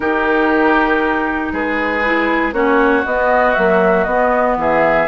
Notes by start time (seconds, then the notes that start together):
0.00 D#3 D#4 G4 A#4
1.52 G#3 G#4 B4
2.04 E4
2.52 A#3 C#4 F#4 C#5
3.05 B3 D#5
3.54 F#3 A#3 E5
4.03 B3 D#5
4.57 E3 G#4 E5